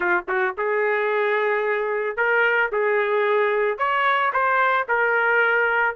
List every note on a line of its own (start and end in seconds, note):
0.00 0.24 F4
0.28 0.55 F#4
0.57 2.16 G#4
2.16 2.71 A#4
2.71 3.78 G#4
3.78 4.32 C#5
4.32 4.86 C5
4.88 5.95 A#4